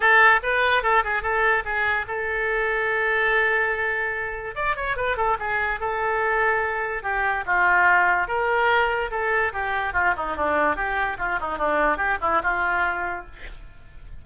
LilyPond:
\new Staff \with { instrumentName = "oboe" } { \time 4/4 \tempo 4 = 145 a'4 b'4 a'8 gis'8 a'4 | gis'4 a'2.~ | a'2. d''8 cis''8 | b'8 a'8 gis'4 a'2~ |
a'4 g'4 f'2 | ais'2 a'4 g'4 | f'8 dis'8 d'4 g'4 f'8 dis'8 | d'4 g'8 e'8 f'2 | }